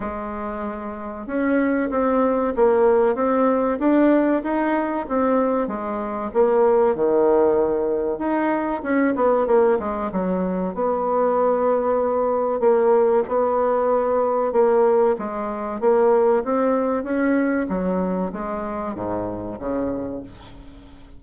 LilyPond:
\new Staff \with { instrumentName = "bassoon" } { \time 4/4 \tempo 4 = 95 gis2 cis'4 c'4 | ais4 c'4 d'4 dis'4 | c'4 gis4 ais4 dis4~ | dis4 dis'4 cis'8 b8 ais8 gis8 |
fis4 b2. | ais4 b2 ais4 | gis4 ais4 c'4 cis'4 | fis4 gis4 gis,4 cis4 | }